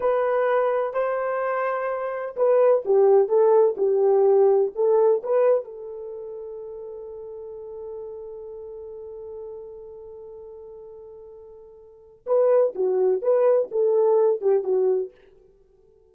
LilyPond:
\new Staff \with { instrumentName = "horn" } { \time 4/4 \tempo 4 = 127 b'2 c''2~ | c''4 b'4 g'4 a'4 | g'2 a'4 b'4 | a'1~ |
a'1~ | a'1~ | a'2 b'4 fis'4 | b'4 a'4. g'8 fis'4 | }